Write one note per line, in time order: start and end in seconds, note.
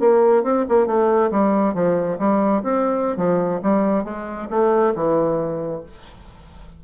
0.00 0.44 A#3
0.44 0.66 C4
0.69 0.87 A#3
0.87 1.31 A3
1.31 1.75 G3
1.75 2.18 F3
2.19 2.63 G3
2.63 3.17 C4
3.17 3.61 F3
3.63 4.04 G3
4.04 4.48 G#3
4.50 4.94 A3
4.95 5.83 E3